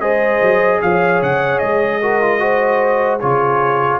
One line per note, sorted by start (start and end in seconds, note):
0.00 0.41 G#3
0.00 2.00 G#4
0.00 0.80 C5
0.00 0.80 D#5
0.42 0.82 F#3
0.82 1.22 F3
0.82 2.01 C#5
0.82 1.22 F5
1.22 1.62 C#3
1.22 1.58 F#5
1.58 3.22 G#3
1.58 3.18 D#5
2.01 2.22 F#4
2.01 2.40 A#4
2.22 2.39 F4
2.39 3.19 F#4
2.39 3.20 C5
3.20 3.99 C#3
3.20 3.99 F4
3.20 3.99 G#4
3.20 3.99 C#5